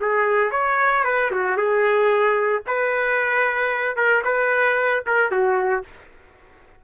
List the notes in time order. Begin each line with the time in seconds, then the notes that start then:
0.00 G#4
0.51 C#5
1.04 B4
1.31 F#4
1.57 G#4
2.67 B4
3.96 A#4
4.24 B4
5.06 A#4
5.31 F#4